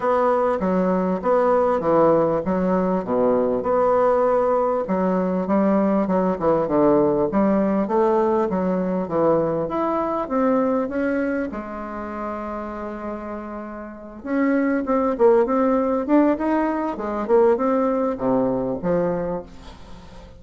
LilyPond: \new Staff \with { instrumentName = "bassoon" } { \time 4/4 \tempo 4 = 99 b4 fis4 b4 e4 | fis4 b,4 b2 | fis4 g4 fis8 e8 d4 | g4 a4 fis4 e4 |
e'4 c'4 cis'4 gis4~ | gis2.~ gis8 cis'8~ | cis'8 c'8 ais8 c'4 d'8 dis'4 | gis8 ais8 c'4 c4 f4 | }